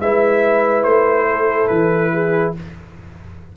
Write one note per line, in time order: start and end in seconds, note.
0.00 0.85 G#3
0.00 2.57 E4
0.00 1.29 B4
0.00 0.83 E5
0.83 1.69 A3
0.83 1.68 C5
1.31 2.13 A4
1.68 2.55 E3
1.68 2.52 B4
2.13 2.55 G#4